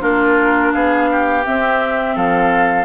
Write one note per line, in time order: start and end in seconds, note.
0.00 0.73 A#3
0.00 1.43 D4
0.00 0.73 F4
0.00 0.73 A#4
0.73 1.46 B3
0.73 1.10 G#4
0.73 1.44 F5
1.12 2.15 G4
1.45 2.86 C4
1.45 2.16 C4
1.45 2.17 E5
2.15 2.86 F3
2.15 2.86 A4
2.15 2.86 F5